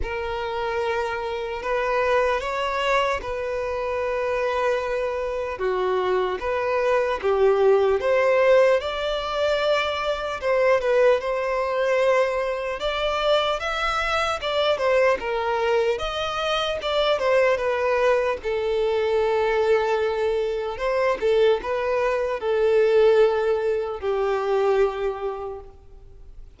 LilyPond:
\new Staff \with { instrumentName = "violin" } { \time 4/4 \tempo 4 = 75 ais'2 b'4 cis''4 | b'2. fis'4 | b'4 g'4 c''4 d''4~ | d''4 c''8 b'8 c''2 |
d''4 e''4 d''8 c''8 ais'4 | dis''4 d''8 c''8 b'4 a'4~ | a'2 c''8 a'8 b'4 | a'2 g'2 | }